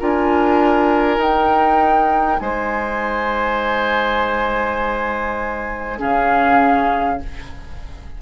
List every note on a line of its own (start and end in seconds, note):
0.00 1.18 D4
0.00 1.20 F4
0.00 2.40 A#4
0.00 1.22 G#5
1.18 2.38 D#4
1.18 5.99 D#4
1.18 2.40 G5
2.40 6.01 G#3
2.40 5.99 C5
2.40 6.00 G#5
5.99 7.22 C#3
5.99 7.19 C#4
5.99 7.19 G#4
5.99 7.22 F5